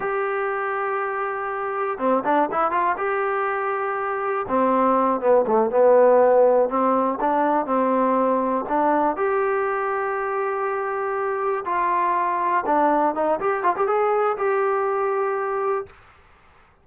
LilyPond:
\new Staff \with { instrumentName = "trombone" } { \time 4/4 \tempo 4 = 121 g'1 | c'8 d'8 e'8 f'8 g'2~ | g'4 c'4. b8 a8 b8~ | b4. c'4 d'4 c'8~ |
c'4. d'4 g'4.~ | g'2.~ g'8 f'8~ | f'4. d'4 dis'8 g'8 f'16 g'16 | gis'4 g'2. | }